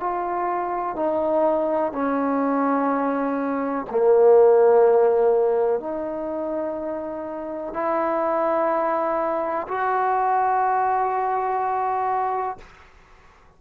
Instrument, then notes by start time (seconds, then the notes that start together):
trombone
0.00 F4
0.96 D#4
1.93 C#4
3.91 A#3
5.80 D#4
7.74 E4
9.68 F#4